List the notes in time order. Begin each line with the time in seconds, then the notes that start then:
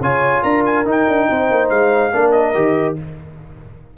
0.00 C#3 F4 C#5 G#5
0.43 D4 A#4 A#5
0.66 G#5
0.85 D#4 G5
1.08 D4
1.30 C4 C5
1.51 A#3
1.70 G#3 F5
2.13 A#3 D4 A#4
2.32 D#5
2.54 D#3 G4